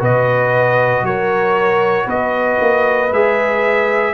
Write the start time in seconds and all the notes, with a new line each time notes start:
0.00 B2 F#4 B4 D#5
1.03 F#3 A#4 C#5
2.06 B3 B4 D#5
2.61 A#3
3.12 G#3 G#4 E5